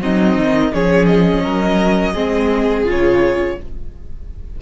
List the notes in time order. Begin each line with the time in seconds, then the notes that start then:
0.00 F#3 C4 D#4 D#5
0.37 D#3
0.72 F3 C#4 G#4 C#5
1.06 D#5
1.43 F#3 A#4
2.12 G#3 C4 G#4
2.84 C#3 F4
2.90 C#5